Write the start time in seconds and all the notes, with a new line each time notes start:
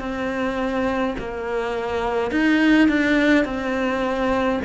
0.00 C4
1.19 A#3
2.31 D#4
2.88 D4
3.45 C4